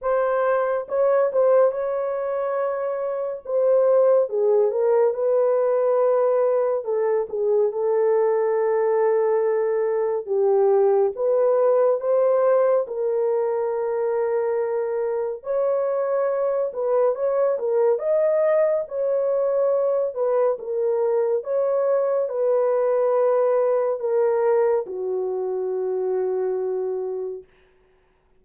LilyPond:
\new Staff \with { instrumentName = "horn" } { \time 4/4 \tempo 4 = 70 c''4 cis''8 c''8 cis''2 | c''4 gis'8 ais'8 b'2 | a'8 gis'8 a'2. | g'4 b'4 c''4 ais'4~ |
ais'2 cis''4. b'8 | cis''8 ais'8 dis''4 cis''4. b'8 | ais'4 cis''4 b'2 | ais'4 fis'2. | }